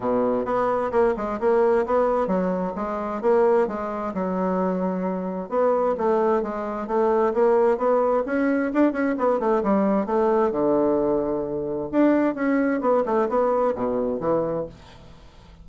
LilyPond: \new Staff \with { instrumentName = "bassoon" } { \time 4/4 \tempo 4 = 131 b,4 b4 ais8 gis8 ais4 | b4 fis4 gis4 ais4 | gis4 fis2. | b4 a4 gis4 a4 |
ais4 b4 cis'4 d'8 cis'8 | b8 a8 g4 a4 d4~ | d2 d'4 cis'4 | b8 a8 b4 b,4 e4 | }